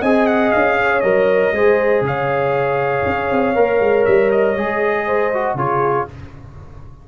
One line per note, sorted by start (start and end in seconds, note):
0.00 0.52 C4
0.00 1.03 G#4
0.00 0.76 D#5
0.00 0.26 G#5
0.26 0.51 F#5
0.51 1.03 C#4
0.51 1.00 F5
0.80 1.54 C#5
1.00 1.51 F#3
1.00 1.54 A#4
1.00 2.01 D#5
1.51 2.01 G#3
1.51 3.55 G#4
1.51 2.04 C5
2.01 3.02 C#3
2.01 5.06 C#5
2.01 4.05 F5
3.06 3.30 C#4
3.30 3.56 C4
3.55 3.80 A#3
3.55 4.56 A#4
3.80 4.05 G#3
4.05 4.55 G3
4.05 4.30 E5
4.31 5.57 D#5
4.55 5.54 G#3
4.55 5.32 G#4
5.06 5.56 C5
5.33 5.57 F#4
5.54 6.05 C#3
5.54 6.08 F4
5.54 6.06 G#4
5.54 6.07 C#5